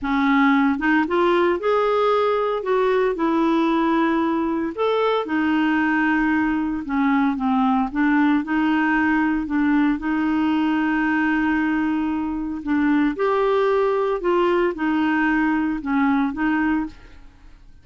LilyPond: \new Staff \with { instrumentName = "clarinet" } { \time 4/4 \tempo 4 = 114 cis'4. dis'8 f'4 gis'4~ | gis'4 fis'4 e'2~ | e'4 a'4 dis'2~ | dis'4 cis'4 c'4 d'4 |
dis'2 d'4 dis'4~ | dis'1 | d'4 g'2 f'4 | dis'2 cis'4 dis'4 | }